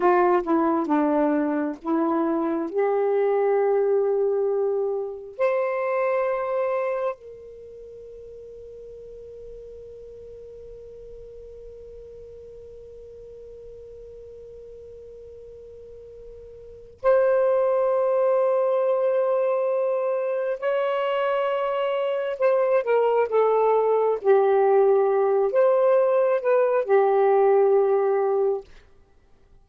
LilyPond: \new Staff \with { instrumentName = "saxophone" } { \time 4/4 \tempo 4 = 67 f'8 e'8 d'4 e'4 g'4~ | g'2 c''2 | ais'1~ | ais'1~ |
ais'2. c''4~ | c''2. cis''4~ | cis''4 c''8 ais'8 a'4 g'4~ | g'8 c''4 b'8 g'2 | }